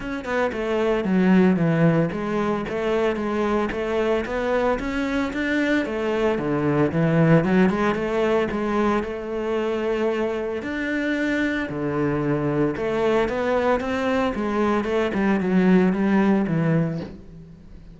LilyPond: \new Staff \with { instrumentName = "cello" } { \time 4/4 \tempo 4 = 113 cis'8 b8 a4 fis4 e4 | gis4 a4 gis4 a4 | b4 cis'4 d'4 a4 | d4 e4 fis8 gis8 a4 |
gis4 a2. | d'2 d2 | a4 b4 c'4 gis4 | a8 g8 fis4 g4 e4 | }